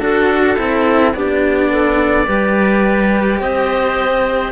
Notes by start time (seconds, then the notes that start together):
0.00 D4 F#4 A4
0.56 C4 E4
1.14 B3 D4 G4 D5
1.71 A4
2.26 G3 G4 B4
3.40 C4 C5 D#5